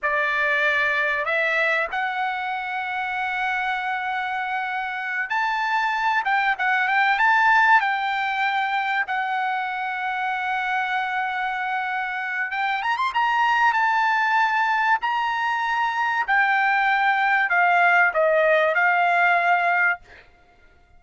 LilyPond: \new Staff \with { instrumentName = "trumpet" } { \time 4/4 \tempo 4 = 96 d''2 e''4 fis''4~ | fis''1~ | fis''8 a''4. g''8 fis''8 g''8 a''8~ | a''8 g''2 fis''4.~ |
fis''1 | g''8 ais''16 c'''16 ais''4 a''2 | ais''2 g''2 | f''4 dis''4 f''2 | }